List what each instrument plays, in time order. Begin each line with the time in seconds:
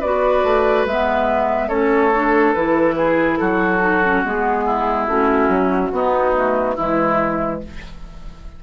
0.00 bassoon B3, clarinet F#4, oboe B4, flute D5
0.44 bassoon A3
0.86 bassoon G#3, clarinet B3, flute E5
1.68 bassoon A3, clarinet C#4, oboe A4, flute C#5
2.15 clarinet D4
2.54 bassoon E3, clarinet E4, flute B4
2.96 oboe G#4
3.38 bassoon F#3, oboe F#4, flute A4
3.80 clarinet D#4
4.05 clarinet C#4
4.25 bassoon G#3, clarinet B3, flute G#4
4.65 oboe E4
5.08 bassoon A3, clarinet C#4, flute F#4
5.48 bassoon F#3
5.92 bassoon B3, clarinet B3, oboe D#4
6.35 clarinet A3
6.76 bassoon E3, clarinet G#3, oboe E4, flute E4